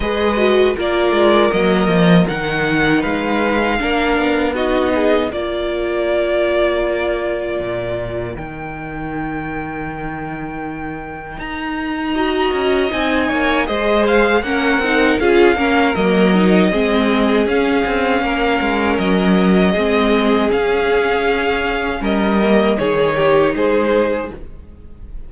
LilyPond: <<
  \new Staff \with { instrumentName = "violin" } { \time 4/4 \tempo 4 = 79 dis''4 d''4 dis''4 fis''4 | f''2 dis''4 d''4~ | d''2. g''4~ | g''2. ais''4~ |
ais''4 gis''4 dis''8 f''8 fis''4 | f''4 dis''2 f''4~ | f''4 dis''2 f''4~ | f''4 dis''4 cis''4 c''4 | }
  \new Staff \with { instrumentName = "violin" } { \time 4/4 b'4 ais'2. | b'4 ais'4 fis'8 gis'8 ais'4~ | ais'1~ | ais'1 |
dis''4. cis''8 c''4 ais'4 | gis'8 ais'4. gis'2 | ais'2 gis'2~ | gis'4 ais'4 gis'8 g'8 gis'4 | }
  \new Staff \with { instrumentName = "viola" } { \time 4/4 gis'8 fis'8 f'4 ais4 dis'4~ | dis'4 d'4 dis'4 f'4~ | f'2. dis'4~ | dis'1 |
fis'4 dis'4 gis'4 cis'8 dis'8 | f'8 cis'8 ais8 dis'8 c'4 cis'4~ | cis'2 c'4 cis'4~ | cis'4. ais8 dis'2 | }
  \new Staff \with { instrumentName = "cello" } { \time 4/4 gis4 ais8 gis8 fis8 f8 dis4 | gis4 ais8 b4. ais4~ | ais2 ais,4 dis4~ | dis2. dis'4~ |
dis'8 cis'8 c'8 ais8 gis4 ais8 c'8 | cis'8 ais8 fis4 gis4 cis'8 c'8 | ais8 gis8 fis4 gis4 cis'4~ | cis'4 g4 dis4 gis4 | }
>>